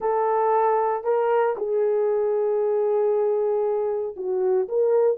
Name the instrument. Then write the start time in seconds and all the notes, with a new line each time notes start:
horn
0.00 A4
1.03 A#4
1.57 G#4
4.16 F#4
4.68 A#4